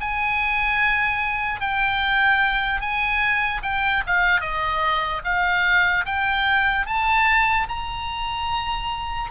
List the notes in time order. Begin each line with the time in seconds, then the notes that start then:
0.00 G#5
1.60 G5
2.80 G#5
3.63 G5
4.06 F5
4.40 D#5
5.24 F5
6.05 G5
6.86 A5
7.68 A#5